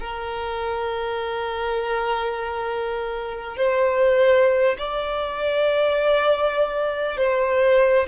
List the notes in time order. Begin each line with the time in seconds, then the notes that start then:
0.00 A#4
3.57 C5
4.78 D5
7.17 C5